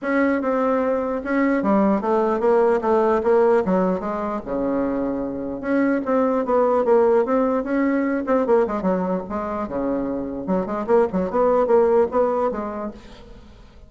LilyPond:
\new Staff \with { instrumentName = "bassoon" } { \time 4/4 \tempo 4 = 149 cis'4 c'2 cis'4 | g4 a4 ais4 a4 | ais4 fis4 gis4 cis4~ | cis2 cis'4 c'4 |
b4 ais4 c'4 cis'4~ | cis'8 c'8 ais8 gis8 fis4 gis4 | cis2 fis8 gis8 ais8 fis8 | b4 ais4 b4 gis4 | }